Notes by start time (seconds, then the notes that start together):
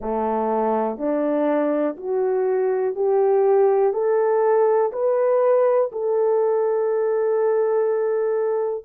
0.01 A3
0.97 D4
1.97 F#4
2.95 G4
3.93 A4
4.92 B4
5.92 A4